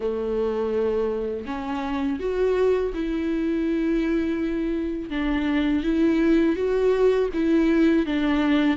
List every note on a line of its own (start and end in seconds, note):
0.00 1.46 A3
1.46 2.19 C#4
2.20 2.93 F#4
2.93 5.10 E4
5.10 5.83 D4
5.83 6.56 E4
6.56 7.29 F#4
7.33 8.06 E4
8.06 8.76 D4